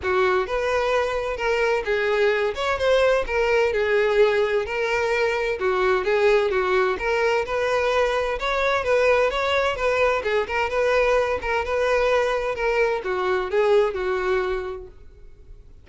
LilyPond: \new Staff \with { instrumentName = "violin" } { \time 4/4 \tempo 4 = 129 fis'4 b'2 ais'4 | gis'4. cis''8 c''4 ais'4 | gis'2 ais'2 | fis'4 gis'4 fis'4 ais'4 |
b'2 cis''4 b'4 | cis''4 b'4 gis'8 ais'8 b'4~ | b'8 ais'8 b'2 ais'4 | fis'4 gis'4 fis'2 | }